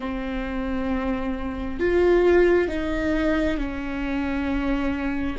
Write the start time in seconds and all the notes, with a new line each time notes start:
0.00 C4
1.79 F4
2.68 D#4
3.57 C#4